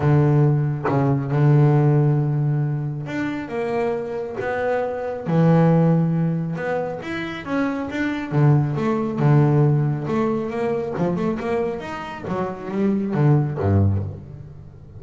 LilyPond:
\new Staff \with { instrumentName = "double bass" } { \time 4/4 \tempo 4 = 137 d2 cis4 d4~ | d2. d'4 | ais2 b2 | e2. b4 |
e'4 cis'4 d'4 d4 | a4 d2 a4 | ais4 f8 a8 ais4 dis'4 | fis4 g4 d4 g,4 | }